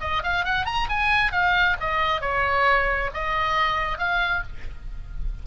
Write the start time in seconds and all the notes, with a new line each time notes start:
0.00 D#5
0.23 F5
0.44 F#5
0.65 A#5
0.89 G#5
1.32 F5
1.80 D#5
2.21 C#5
3.14 D#5
3.98 F5